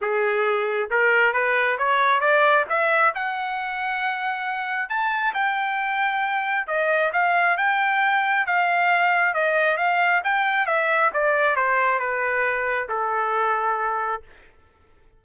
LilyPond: \new Staff \with { instrumentName = "trumpet" } { \time 4/4 \tempo 4 = 135 gis'2 ais'4 b'4 | cis''4 d''4 e''4 fis''4~ | fis''2. a''4 | g''2. dis''4 |
f''4 g''2 f''4~ | f''4 dis''4 f''4 g''4 | e''4 d''4 c''4 b'4~ | b'4 a'2. | }